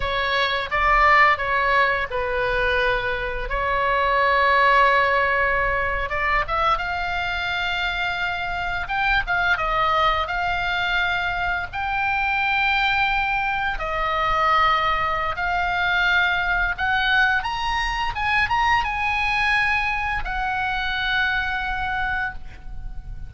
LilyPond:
\new Staff \with { instrumentName = "oboe" } { \time 4/4 \tempo 4 = 86 cis''4 d''4 cis''4 b'4~ | b'4 cis''2.~ | cis''8. d''8 e''8 f''2~ f''16~ | f''8. g''8 f''8 dis''4 f''4~ f''16~ |
f''8. g''2. dis''16~ | dis''2 f''2 | fis''4 ais''4 gis''8 ais''8 gis''4~ | gis''4 fis''2. | }